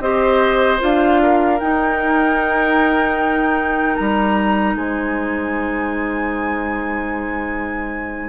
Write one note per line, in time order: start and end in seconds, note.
0.00 0.79 C4
0.00 0.79 G4
0.00 1.22 C5
0.00 0.79 D#5
0.79 1.61 D4
0.79 1.58 F4
0.79 1.60 F5
1.22 4.77 A#4
1.60 3.98 D#4
1.60 8.29 D#4
1.60 3.96 G5
3.96 4.75 G3
3.96 4.75 A#5
4.75 8.29 G#3
4.75 8.29 C5
4.75 8.29 G#5